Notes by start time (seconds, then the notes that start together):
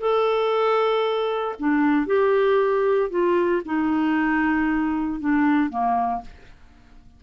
0.00 A4
1.59 D4
2.06 G4
3.10 F4
3.65 D#4
5.20 D4
5.69 A#3